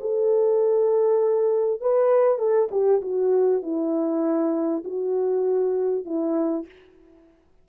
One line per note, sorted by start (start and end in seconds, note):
0.00 1.81 A4
1.81 2.38 B4
2.38 2.69 A4
2.71 3.01 G4
3.02 3.62 F#4
3.62 4.83 E4
4.84 6.05 F#4
6.05 6.66 E4